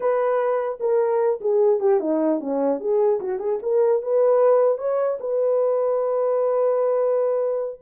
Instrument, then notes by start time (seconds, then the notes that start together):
horn
0.00 B4
0.79 A#4
1.40 G#4
1.79 G4
2.00 D#4
2.40 C#4
2.80 G#4
3.20 F#4
3.39 G#4
3.62 A#4
4.02 B4
4.78 C#5
5.20 B4